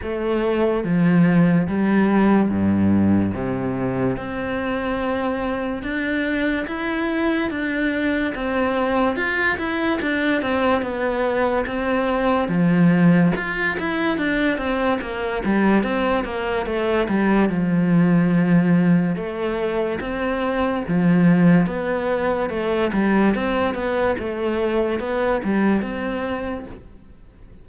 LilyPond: \new Staff \with { instrumentName = "cello" } { \time 4/4 \tempo 4 = 72 a4 f4 g4 g,4 | c4 c'2 d'4 | e'4 d'4 c'4 f'8 e'8 | d'8 c'8 b4 c'4 f4 |
f'8 e'8 d'8 c'8 ais8 g8 c'8 ais8 | a8 g8 f2 a4 | c'4 f4 b4 a8 g8 | c'8 b8 a4 b8 g8 c'4 | }